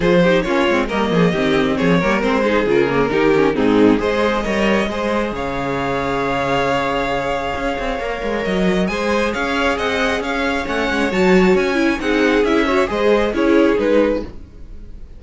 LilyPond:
<<
  \new Staff \with { instrumentName = "violin" } { \time 4/4 \tempo 4 = 135 c''4 cis''4 dis''2 | cis''4 c''4 ais'2 | gis'4 dis''2. | f''1~ |
f''2. dis''4 | gis''4 f''4 fis''4 f''4 | fis''4 a''4 gis''4 fis''4 | e''4 dis''4 cis''4 b'4 | }
  \new Staff \with { instrumentName = "violin" } { \time 4/4 gis'8 g'8 f'4 ais'8 gis'8 g'4 | gis'8 ais'4 gis'4. g'4 | dis'4 c''4 cis''4 c''4 | cis''1~ |
cis''1 | c''4 cis''4 dis''4 cis''4~ | cis''2. gis'4~ | gis'8 cis''8 c''4 gis'2 | }
  \new Staff \with { instrumentName = "viola" } { \time 4/4 f'8 dis'8 cis'8 c'8 ais4 c'4~ | c'8 ais8 c'8 dis'8 f'8 ais8 dis'8 cis'8 | c'4 gis'4 ais'4 gis'4~ | gis'1~ |
gis'2 ais'2 | gis'1 | cis'4 fis'4. e'8 dis'4 | e'8 fis'8 gis'4 e'4 dis'4 | }
  \new Staff \with { instrumentName = "cello" } { \time 4/4 f4 ais8 gis8 g8 f8 dis4 | f8 g8 gis4 cis4 dis4 | gis,4 gis4 g4 gis4 | cis1~ |
cis4 cis'8 c'8 ais8 gis8 fis4 | gis4 cis'4 c'4 cis'4 | a8 gis8 fis4 cis'4 c'4 | cis'4 gis4 cis'4 gis4 | }
>>